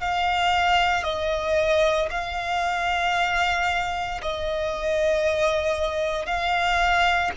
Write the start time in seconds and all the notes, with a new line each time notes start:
0.00 F5
1.04 D#5
2.11 F5
4.22 D#5
6.26 F5